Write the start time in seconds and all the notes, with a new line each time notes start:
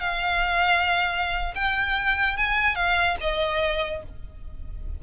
0.00 F5
1.55 G5
2.37 G#5
2.75 F5
3.21 D#5